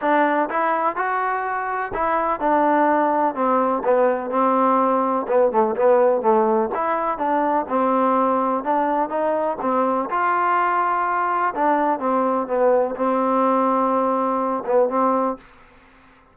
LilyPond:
\new Staff \with { instrumentName = "trombone" } { \time 4/4 \tempo 4 = 125 d'4 e'4 fis'2 | e'4 d'2 c'4 | b4 c'2 b8 a8 | b4 a4 e'4 d'4 |
c'2 d'4 dis'4 | c'4 f'2. | d'4 c'4 b4 c'4~ | c'2~ c'8 b8 c'4 | }